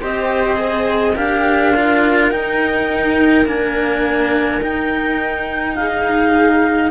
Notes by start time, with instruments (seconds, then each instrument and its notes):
0.00 cello C4 G4, viola C5, clarinet D#5
0.56 cello G#4
1.13 cello D4 G4, viola A#4, clarinet F5
1.75 cello F4
2.31 cello D#4, clarinet G5
3.45 cello A#3 D4, clarinet G#5
4.61 cello D#4, clarinet G5
5.75 viola G#4, clarinet F5